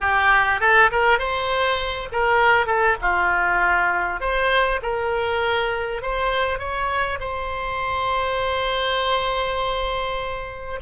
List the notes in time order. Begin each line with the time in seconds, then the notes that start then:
0.01 G4
0.60 A4
0.91 A#4
1.18 C5
2.12 A#4
2.66 A4
3.01 F4
4.20 C5
4.82 A#4
6.02 C5
6.58 C#5
7.20 C5